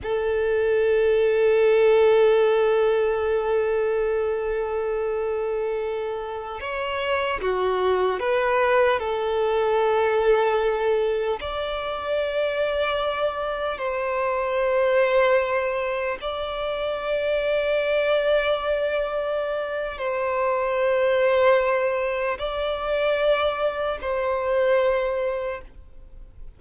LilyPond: \new Staff \with { instrumentName = "violin" } { \time 4/4 \tempo 4 = 75 a'1~ | a'1~ | a'16 cis''4 fis'4 b'4 a'8.~ | a'2~ a'16 d''4.~ d''16~ |
d''4~ d''16 c''2~ c''8.~ | c''16 d''2.~ d''8.~ | d''4 c''2. | d''2 c''2 | }